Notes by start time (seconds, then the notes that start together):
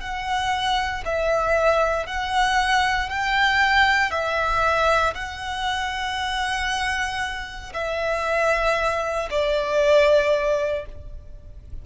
0.00 F#5
1.04 E5
2.06 F#5
3.08 G5
4.10 E5
5.14 F#5
7.73 E5
9.30 D5